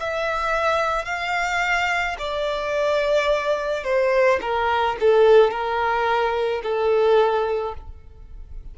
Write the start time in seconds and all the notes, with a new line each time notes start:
0.00 E5
1.06 F5
2.19 D5
3.84 C5
4.41 A#4
5.01 A4
5.51 A#4
6.64 A4